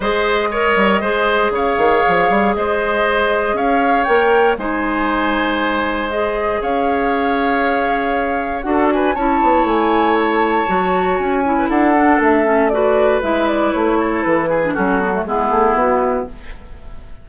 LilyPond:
<<
  \new Staff \with { instrumentName = "flute" } { \time 4/4 \tempo 4 = 118 dis''2. f''4~ | f''4 dis''2 f''4 | g''4 gis''2. | dis''4 f''2.~ |
f''4 fis''8 gis''8 a''4 gis''4 | a''2 gis''4 fis''4 | e''4 d''4 e''8 d''8 cis''4 | b'4 a'4 gis'4 fis'4 | }
  \new Staff \with { instrumentName = "oboe" } { \time 4/4 c''4 cis''4 c''4 cis''4~ | cis''4 c''2 cis''4~ | cis''4 c''2.~ | c''4 cis''2.~ |
cis''4 a'8 b'8 cis''2~ | cis''2~ cis''8. b'16 a'4~ | a'4 b'2~ b'8 a'8~ | a'8 gis'8 fis'4 e'2 | }
  \new Staff \with { instrumentName = "clarinet" } { \time 4/4 gis'4 ais'4 gis'2~ | gis'1 | ais'4 dis'2. | gis'1~ |
gis'4 fis'4 e'2~ | e'4 fis'4. e'4 d'8~ | d'8 cis'8 fis'4 e'2~ | e'8. d'16 cis'8 b16 a16 b2 | }
  \new Staff \with { instrumentName = "bassoon" } { \time 4/4 gis4. g8 gis4 cis8 dis8 | f8 g8 gis2 cis'4 | ais4 gis2.~ | gis4 cis'2.~ |
cis'4 d'4 cis'8 b8 a4~ | a4 fis4 cis'4 d'4 | a2 gis4 a4 | e4 fis4 gis8 a8 b4 | }
>>